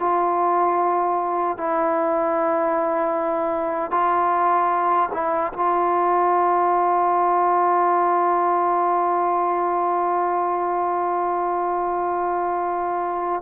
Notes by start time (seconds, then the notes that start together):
0.00 F4
1.58 E4
3.91 F4
5.14 E4
5.53 F4